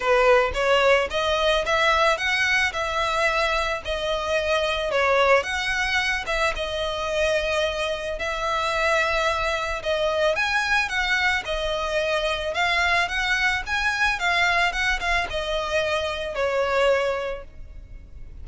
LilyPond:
\new Staff \with { instrumentName = "violin" } { \time 4/4 \tempo 4 = 110 b'4 cis''4 dis''4 e''4 | fis''4 e''2 dis''4~ | dis''4 cis''4 fis''4. e''8 | dis''2. e''4~ |
e''2 dis''4 gis''4 | fis''4 dis''2 f''4 | fis''4 gis''4 f''4 fis''8 f''8 | dis''2 cis''2 | }